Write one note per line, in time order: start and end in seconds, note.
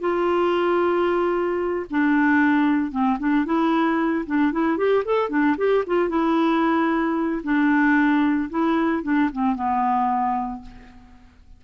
0.00 1.86 F4
1.90 2.91 D4
2.91 3.18 C4
3.19 3.45 D4
3.45 4.25 E4
4.26 4.52 D4
4.52 4.77 E4
4.77 5.04 G4
5.05 5.29 A4
5.29 5.56 D4
5.57 5.84 G4
5.86 6.09 F4
6.09 7.41 E4
7.43 8.49 D4
8.50 9.03 E4
9.03 9.29 D4
9.32 9.55 C4
9.55 10.61 B3